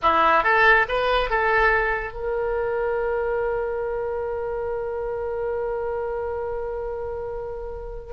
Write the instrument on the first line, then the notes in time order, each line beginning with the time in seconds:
oboe
0.02 E4
0.43 A4
0.88 B4
1.30 A4
2.13 A#4